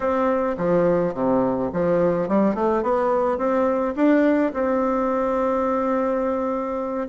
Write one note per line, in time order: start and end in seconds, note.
0.00 0.56 C4
0.57 1.13 F3
1.13 1.70 C3
1.73 2.28 F3
2.28 2.54 G3
2.54 2.82 A3
2.82 3.38 B3
3.38 3.94 C4
3.95 4.52 D4
4.53 7.08 C4